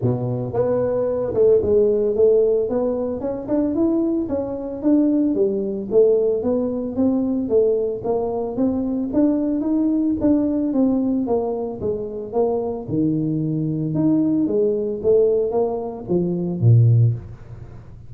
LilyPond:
\new Staff \with { instrumentName = "tuba" } { \time 4/4 \tempo 4 = 112 b,4 b4. a8 gis4 | a4 b4 cis'8 d'8 e'4 | cis'4 d'4 g4 a4 | b4 c'4 a4 ais4 |
c'4 d'4 dis'4 d'4 | c'4 ais4 gis4 ais4 | dis2 dis'4 gis4 | a4 ais4 f4 ais,4 | }